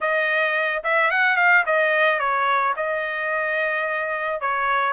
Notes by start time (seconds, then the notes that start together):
0.00 D#5
0.83 E5
1.10 F#5
1.36 F5
1.66 D#5
2.19 C#5
2.76 D#5
4.41 C#5